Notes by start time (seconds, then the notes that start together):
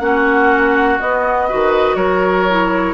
0.00 A#3 C#4 F#4 F#5
0.99 B3 D#5
1.49 D#3 F#4 B4
1.95 F#3 A#4 C#5
2.49 E4